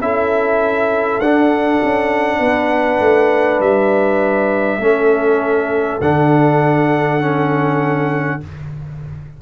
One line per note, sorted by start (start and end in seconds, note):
0.00 1.20 C#4
0.00 1.21 E4
0.00 2.39 A4
0.00 1.21 E5
1.20 1.80 D4
1.20 4.81 D4
1.20 3.60 F#5
1.83 2.39 C#4
2.39 2.99 B3
2.39 4.79 B4
3.00 3.60 A3
3.60 4.78 G3
3.60 6.01 E5
4.78 5.98 A3
4.78 6.01 C#4
4.78 8.41 A4
6.01 8.41 D3
6.01 7.21 D4
6.01 8.42 F#5
7.21 8.40 C#4